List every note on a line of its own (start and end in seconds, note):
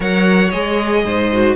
0.00 0.52 F#3
0.00 0.50 A#4
0.00 1.03 C#5
0.00 0.50 F#5
0.50 1.05 G#3
0.50 1.31 G#4
0.50 1.54 D#5
1.05 1.55 G#2
1.05 1.55 C5
1.32 1.55 F#4